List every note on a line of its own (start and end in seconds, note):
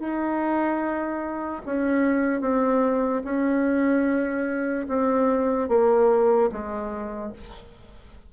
0.00 1.62 D#4
1.67 2.42 C#4
2.42 3.23 C4
3.25 4.87 C#4
4.89 5.69 C4
5.69 6.50 A#3
6.52 7.33 G#3